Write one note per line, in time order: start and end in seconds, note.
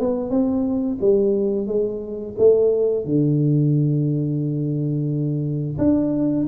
0.00 0.30 B3
0.30 0.98 C4
1.01 1.67 G3
1.67 2.35 G#3
2.38 3.05 A3
3.05 5.77 D3
5.78 6.46 D4